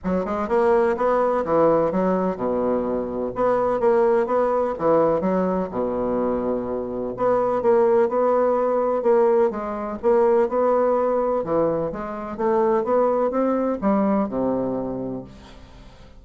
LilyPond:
\new Staff \with { instrumentName = "bassoon" } { \time 4/4 \tempo 4 = 126 fis8 gis8 ais4 b4 e4 | fis4 b,2 b4 | ais4 b4 e4 fis4 | b,2. b4 |
ais4 b2 ais4 | gis4 ais4 b2 | e4 gis4 a4 b4 | c'4 g4 c2 | }